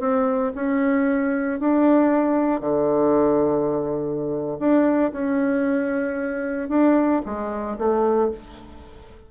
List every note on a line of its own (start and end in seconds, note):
0.00 0.53 C4
0.55 1.60 C#4
1.60 2.61 D4
2.61 4.58 D3
4.60 5.12 D4
5.12 6.69 C#4
6.69 7.22 D4
7.26 7.78 G#3
7.78 8.31 A3